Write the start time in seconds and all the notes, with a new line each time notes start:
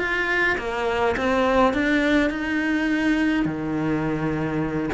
0.00 F4
0.58 A#3
1.17 C4
1.74 D4
2.31 D#4
3.46 D#3